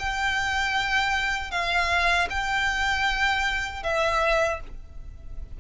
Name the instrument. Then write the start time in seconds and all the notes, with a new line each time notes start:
violin
0.00 G5
1.52 F5
2.30 G5
3.84 E5